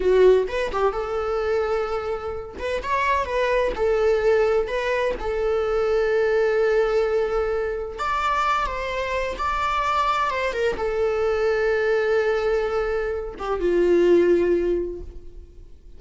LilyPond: \new Staff \with { instrumentName = "viola" } { \time 4/4 \tempo 4 = 128 fis'4 b'8 g'8 a'2~ | a'4. b'8 cis''4 b'4 | a'2 b'4 a'4~ | a'1~ |
a'4 d''4. c''4. | d''2 c''8 ais'8 a'4~ | a'1~ | a'8 g'8 f'2. | }